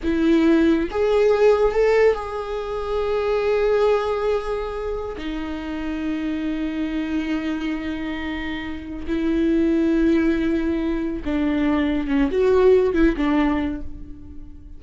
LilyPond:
\new Staff \with { instrumentName = "viola" } { \time 4/4 \tempo 4 = 139 e'2 gis'2 | a'4 gis'2.~ | gis'1 | dis'1~ |
dis'1~ | dis'4 e'2.~ | e'2 d'2 | cis'8 fis'4. e'8 d'4. | }